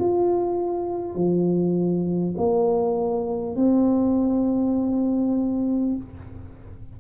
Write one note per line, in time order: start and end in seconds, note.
0.00 1.15 F4
1.15 2.35 F3
2.38 3.56 A#3
3.56 5.96 C4